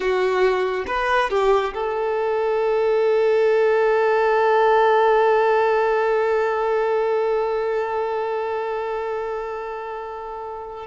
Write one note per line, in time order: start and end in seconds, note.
0.00 0.85 F#4
0.86 1.30 B4
1.30 1.73 G4
1.74 10.87 A4